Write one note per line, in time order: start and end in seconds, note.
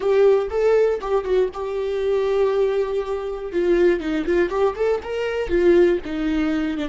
0.00 0.48 G4
0.50 1.00 A4
1.00 1.24 G4
1.24 1.49 F#4
1.53 3.52 G4
3.52 4.00 F4
4.00 4.25 D#4
4.26 4.49 F4
4.49 4.74 G4
4.75 5.00 A4
5.02 5.48 A#4
5.48 5.98 F4
6.05 6.77 D#4
6.77 6.88 D4